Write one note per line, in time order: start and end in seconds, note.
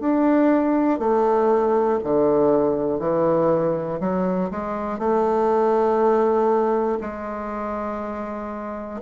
0.00 0.99 D4
0.99 1.99 A3
2.04 2.99 D3
2.99 3.99 E3
4.00 4.50 F#3
4.51 4.99 G#3
4.99 6.99 A3
7.00 9.00 G#3